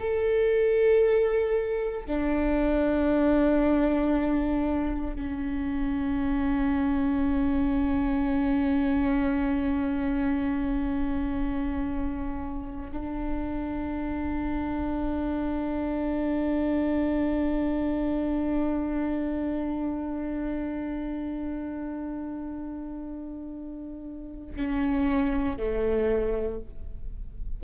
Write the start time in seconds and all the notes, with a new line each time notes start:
0.00 A4
2.06 D4
5.16 C#4
12.92 D4
24.56 C#4
25.57 A3